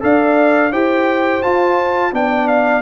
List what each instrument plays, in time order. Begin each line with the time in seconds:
0.00 tuba D4, trombone A4, horn D5, trumpet F5
0.71 tuba E4, trombone G4, horn C5, trumpet G5
1.42 trombone F4, tuba F4, trumpet A5
2.12 tuba B3, trombone D4, horn D5, trumpet G5
2.48 trumpet F5